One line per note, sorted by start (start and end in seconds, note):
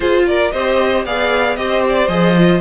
0.00 0.52 F4
0.00 0.24 G#4
0.00 0.26 C5
0.27 0.53 A#4
0.27 0.51 D5
0.51 1.05 C4
0.51 1.06 G4
0.51 1.05 C5
0.51 1.04 D#5
1.05 1.56 B3
1.05 1.57 G#4
1.05 1.58 D5
1.05 1.56 F5
1.56 2.08 C4
1.56 2.09 G4
1.56 2.60 C5
1.56 1.82 D#5
1.88 2.08 D5
2.08 2.60 F3
2.08 2.35 G#4
2.08 2.60 D#5
2.37 2.60 F4